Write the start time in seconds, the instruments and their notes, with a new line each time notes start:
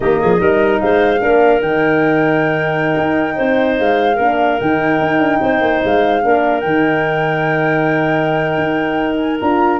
0.00 tuba D#3, horn A#3, clarinet G4, flute D#5
0.20 tuba F3, clarinet G#4
0.36 tuba G3, horn D#4, clarinet A#4
0.80 tuba G#3, clarinet C5, flute F5
1.20 tuba A#3, horn D4, clarinet A#4
1.60 tuba D#3, horn D#4, flute G5
2.97 tuba D#4
3.35 tuba C4, clarinet C5
3.78 tuba G#3, flute F5
4.15 tuba A#3, horn D4, clarinet A#4
4.59 tuba D#3, horn D#4, flute G5
5.00 tuba D#4
5.18 tuba D4
5.40 tuba C4, clarinet C5
5.61 tuba A#3
5.84 tuba G#3, flute F5
6.23 tuba A#3, horn D4, clarinet A#4
6.60 tuba D#3, horn D#4, flute G5
8.57 tuba D#4
9.16 flute G#5
9.39 tuba D4, horn F4, flute A#5